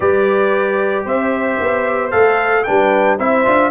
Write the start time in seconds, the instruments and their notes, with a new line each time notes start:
0.00 tuba G3, trombone G4, horn B4, trumpet D5
1.05 tuba C4, horn C5, trumpet E5
1.60 tuba B3
2.11 tuba A3, trombone A4, trumpet F5
2.63 tuba G3, trombone D4, horn B4, trumpet G5
3.17 tuba C4, trombone E4, horn C5, trumpet E5
3.45 tuba D4, trombone F4